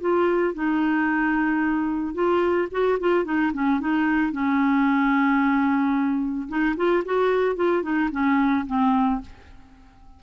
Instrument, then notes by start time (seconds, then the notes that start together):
clarinet
0.00 F4
0.54 D#4
2.14 F4
2.71 F#4
3.00 F4
3.24 D#4
3.53 C#4
3.80 D#4
4.32 C#4
6.48 D#4
6.76 F4
7.05 F#4
7.56 F4
7.82 D#4
8.11 C#4
8.67 C4